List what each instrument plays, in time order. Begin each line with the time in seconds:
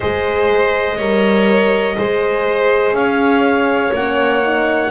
0.00 double bass G#3, horn G#4, violin C5, clarinet D#5
0.97 double bass G3, horn A#4, violin C#5
1.96 double bass G#3, horn G#4, violin C5
2.92 double bass C#4, violin C#5, clarinet F5
3.93 double bass A#3, horn C#4, clarinet F#5
4.42 horn D#4